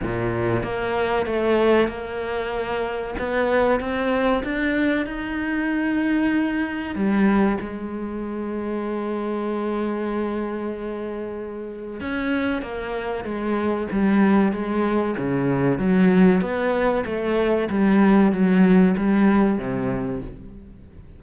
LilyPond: \new Staff \with { instrumentName = "cello" } { \time 4/4 \tempo 4 = 95 ais,4 ais4 a4 ais4~ | ais4 b4 c'4 d'4 | dis'2. g4 | gis1~ |
gis2. cis'4 | ais4 gis4 g4 gis4 | cis4 fis4 b4 a4 | g4 fis4 g4 c4 | }